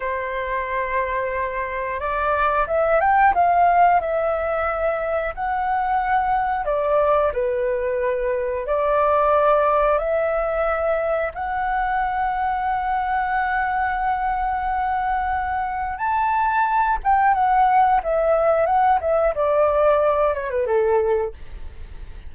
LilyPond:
\new Staff \with { instrumentName = "flute" } { \time 4/4 \tempo 4 = 90 c''2. d''4 | e''8 g''8 f''4 e''2 | fis''2 d''4 b'4~ | b'4 d''2 e''4~ |
e''4 fis''2.~ | fis''1 | a''4. g''8 fis''4 e''4 | fis''8 e''8 d''4. cis''16 b'16 a'4 | }